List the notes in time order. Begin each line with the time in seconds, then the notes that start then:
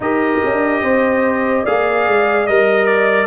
0.00 D#4 G4 A#4 D#5
0.44 D4
0.82 C4 C5
1.63 A#3 G#4 D5 F5
2.07 G#3
2.45 G3 A#4 D#5
2.85 D5